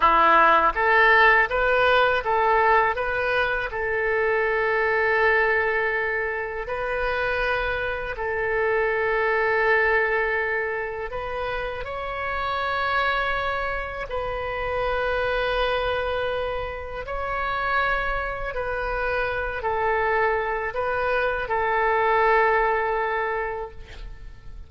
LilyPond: \new Staff \with { instrumentName = "oboe" } { \time 4/4 \tempo 4 = 81 e'4 a'4 b'4 a'4 | b'4 a'2.~ | a'4 b'2 a'4~ | a'2. b'4 |
cis''2. b'4~ | b'2. cis''4~ | cis''4 b'4. a'4. | b'4 a'2. | }